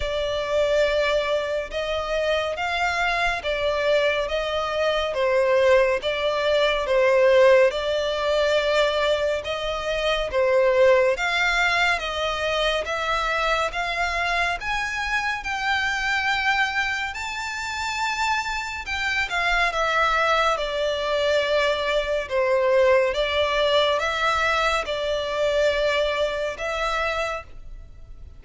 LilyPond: \new Staff \with { instrumentName = "violin" } { \time 4/4 \tempo 4 = 70 d''2 dis''4 f''4 | d''4 dis''4 c''4 d''4 | c''4 d''2 dis''4 | c''4 f''4 dis''4 e''4 |
f''4 gis''4 g''2 | a''2 g''8 f''8 e''4 | d''2 c''4 d''4 | e''4 d''2 e''4 | }